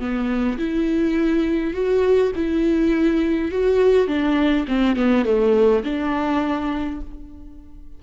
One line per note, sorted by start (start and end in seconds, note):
0.00 0.58 B3
0.59 1.74 E4
1.74 2.32 F#4
2.36 3.52 E4
3.52 4.08 F#4
4.08 4.66 D4
4.68 4.97 C4
4.97 5.25 B3
5.25 5.84 A3
5.84 7.01 D4